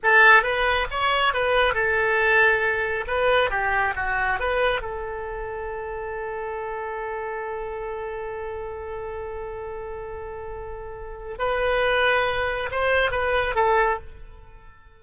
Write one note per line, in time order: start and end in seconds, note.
0.03 0.43 A4
0.43 0.86 B4
0.90 1.33 C#5
1.33 1.74 B4
1.74 3.05 A4
3.07 3.50 B4
3.50 3.94 G4
3.95 4.39 F#4
4.39 4.81 B4
4.81 11.38 A4
11.38 12.69 B4
12.71 13.11 C5
13.11 13.55 B4
13.55 13.99 A4